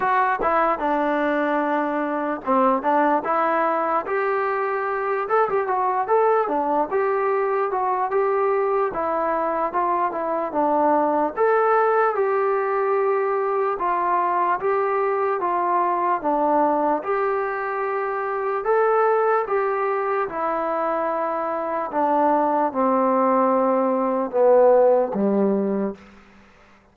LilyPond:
\new Staff \with { instrumentName = "trombone" } { \time 4/4 \tempo 4 = 74 fis'8 e'8 d'2 c'8 d'8 | e'4 g'4. a'16 g'16 fis'8 a'8 | d'8 g'4 fis'8 g'4 e'4 | f'8 e'8 d'4 a'4 g'4~ |
g'4 f'4 g'4 f'4 | d'4 g'2 a'4 | g'4 e'2 d'4 | c'2 b4 g4 | }